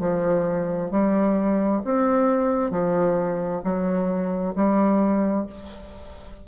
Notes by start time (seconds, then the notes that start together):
0.00 F3
0.91 G3
1.85 C4
2.71 F3
3.64 F#3
4.55 G3